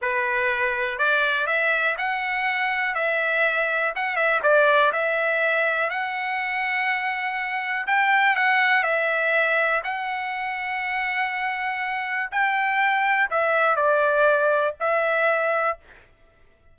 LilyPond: \new Staff \with { instrumentName = "trumpet" } { \time 4/4 \tempo 4 = 122 b'2 d''4 e''4 | fis''2 e''2 | fis''8 e''8 d''4 e''2 | fis''1 |
g''4 fis''4 e''2 | fis''1~ | fis''4 g''2 e''4 | d''2 e''2 | }